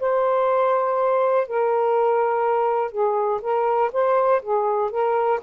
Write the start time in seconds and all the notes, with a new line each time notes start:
0.00 C5
1.48 A#4
2.92 G#4
3.42 A#4
3.93 C5
4.43 G#4
4.91 A#4